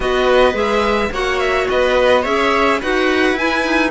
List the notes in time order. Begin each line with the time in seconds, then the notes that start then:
0.00 B3 F#4 B4 D#5
0.52 G#3 G#4 E5
1.11 A#3 F#4 C#5 F#5
1.39 E5
1.69 B3 B4 D#5
2.21 C#4 G#4 C#5 E5
2.80 D#4 F#4 B4 F#5
3.32 E4 G#5
3.63 D#4